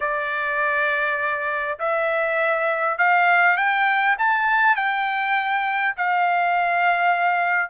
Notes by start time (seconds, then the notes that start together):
0.00 D5
1.79 E5
2.98 F5
3.56 G5
4.18 A5
4.76 G5
5.96 F5